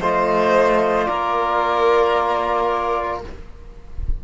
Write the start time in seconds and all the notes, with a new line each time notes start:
0.00 A3 F4 C5 D#5
1.06 A#3 A#4 D5